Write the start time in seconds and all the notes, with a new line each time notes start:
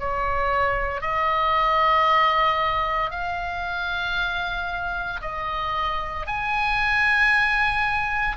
0.00 C#5
1.01 D#5
3.11 F5
5.22 D#5
6.27 G#5